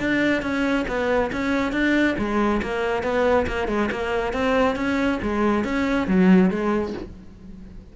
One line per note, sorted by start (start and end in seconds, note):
0.00 0.42 D4
0.42 0.86 C#4
0.88 1.31 B3
1.32 1.72 C#4
1.72 2.16 D4
2.18 2.61 G#3
2.62 3.03 A#3
3.03 3.46 B3
3.47 3.68 A#3
3.68 3.89 G#3
3.92 4.33 A#3
4.33 4.76 C4
4.76 5.19 C#4
5.22 5.64 G#3
5.64 6.08 C#4
6.08 6.50 F#3
6.50 6.93 G#3